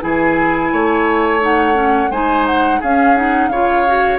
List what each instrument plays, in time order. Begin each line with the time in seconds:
0.00 bassoon E3, clarinet E4, oboe G#4, flute G#5
0.72 bassoon A3, oboe C#5
1.40 clarinet D#4, flute F#5
1.73 clarinet C#4
2.10 bassoon G#3, clarinet D#4, oboe C5, flute G#5
2.46 flute F#5
2.80 bassoon C#4, clarinet C#4, oboe G#4, flute F5
3.16 clarinet D#4, flute F#5
3.48 bassoon C#3, clarinet F4, oboe C#5, flute F5
3.87 clarinet F#4